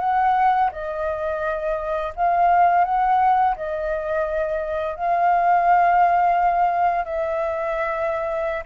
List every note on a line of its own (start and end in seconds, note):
0.00 0.71 F#5
0.72 2.13 D#5
2.16 2.85 F5
2.85 3.56 F#5
3.56 4.96 D#5
4.96 7.05 F5
7.05 8.64 E5